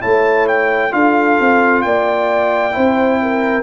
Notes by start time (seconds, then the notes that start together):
0.00 A3 E4 C#5 A5
0.47 G5
0.90 D4 F4 A4 F5
1.40 C4
1.81 A#3 D5 G5
2.71 C4 E4 C5
3.22 A#4